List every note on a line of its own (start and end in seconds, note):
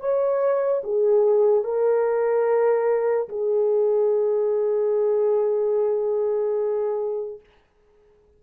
0.00 0.82 C#5
0.84 1.64 G#4
1.64 3.28 A#4
3.29 7.40 G#4